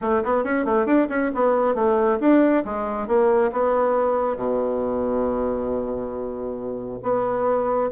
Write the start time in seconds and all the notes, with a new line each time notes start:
0.01 A3
0.23 B3
0.44 C#4
0.65 A3
0.85 D4
1.09 C#4
1.34 B3
1.74 A3
2.20 D4
2.64 G#3
3.07 A#3
3.52 B3
4.36 B2
7.02 B3